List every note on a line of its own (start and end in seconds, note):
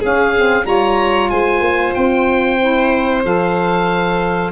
0.00 0.34 C#4
0.00 0.66 C#4
0.00 0.65 G#4
0.00 0.66 F5
0.36 0.64 C4
0.64 1.30 G3
0.64 2.58 F4
0.64 1.31 C#5
0.64 1.30 A#5
1.30 1.60 G#3
1.30 4.52 C5
1.30 1.94 G#5
1.60 1.93 A#3
1.94 3.24 C4
1.94 3.23 G5
2.59 3.24 E4
3.24 4.52 F3
3.24 4.52 A4
3.24 4.52 F5